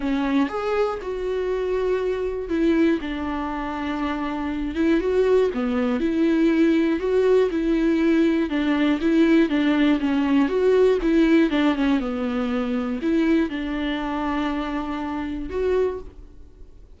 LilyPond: \new Staff \with { instrumentName = "viola" } { \time 4/4 \tempo 4 = 120 cis'4 gis'4 fis'2~ | fis'4 e'4 d'2~ | d'4. e'8 fis'4 b4 | e'2 fis'4 e'4~ |
e'4 d'4 e'4 d'4 | cis'4 fis'4 e'4 d'8 cis'8 | b2 e'4 d'4~ | d'2. fis'4 | }